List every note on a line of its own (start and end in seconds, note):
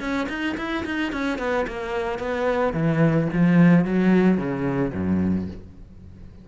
0.00 0.27 C#4
0.29 0.56 D#4
0.57 0.85 E4
0.85 1.12 D#4
1.12 1.38 C#4
1.38 1.66 B3
1.67 2.19 A#3
2.19 2.73 B3
2.73 3.28 E3
3.33 3.85 F3
3.85 4.37 F#3
4.37 4.92 C#3
4.93 5.48 F#2